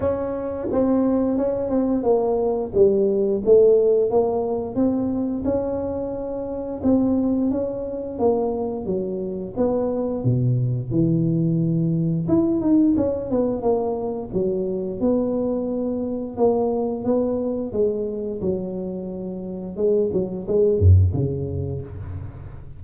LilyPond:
\new Staff \with { instrumentName = "tuba" } { \time 4/4 \tempo 4 = 88 cis'4 c'4 cis'8 c'8 ais4 | g4 a4 ais4 c'4 | cis'2 c'4 cis'4 | ais4 fis4 b4 b,4 |
e2 e'8 dis'8 cis'8 b8 | ais4 fis4 b2 | ais4 b4 gis4 fis4~ | fis4 gis8 fis8 gis8 fis,8 cis4 | }